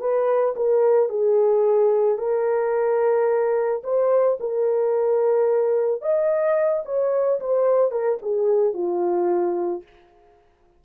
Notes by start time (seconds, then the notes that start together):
0.00 B4
0.56 A#4
1.09 G#4
2.18 A#4
3.84 C5
4.40 A#4
6.01 D#5
6.85 C#5
7.40 C5
7.91 A#4
8.22 G#4
8.74 F4